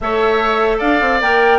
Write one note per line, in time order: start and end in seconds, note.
0.00 0.81 A3
0.00 1.21 A4
0.00 0.78 C#5
0.00 0.79 E5
0.78 1.01 D4
0.78 1.59 D5
0.78 1.20 F5
1.01 1.21 C4
1.21 1.59 A#3
1.21 1.59 A#4
1.21 1.59 G5